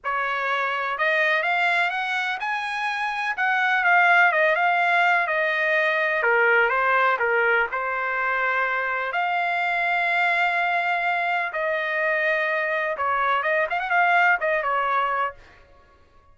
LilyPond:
\new Staff \with { instrumentName = "trumpet" } { \time 4/4 \tempo 4 = 125 cis''2 dis''4 f''4 | fis''4 gis''2 fis''4 | f''4 dis''8 f''4. dis''4~ | dis''4 ais'4 c''4 ais'4 |
c''2. f''4~ | f''1 | dis''2. cis''4 | dis''8 f''16 fis''16 f''4 dis''8 cis''4. | }